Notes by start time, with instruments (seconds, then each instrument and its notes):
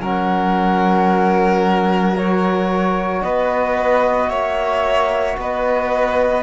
0.00 cello F#3, trombone C#4, violin A#4, flute F#5
2.17 trombone F#4, flute C#5
3.23 cello B3, violin B4, flute D#5
4.29 cello A#3, violin C#5, flute E5
5.37 cello B3, violin B4, flute D#5